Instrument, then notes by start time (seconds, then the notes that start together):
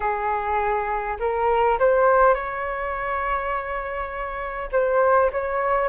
flute
0.00 G#4
1.19 A#4
1.79 C5
2.34 C#5
4.72 C5
5.32 C#5